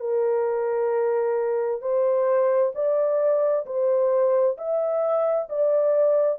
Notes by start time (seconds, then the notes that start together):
0.00 A#4
1.81 C5
2.75 D5
3.66 C5
4.57 E5
5.49 D5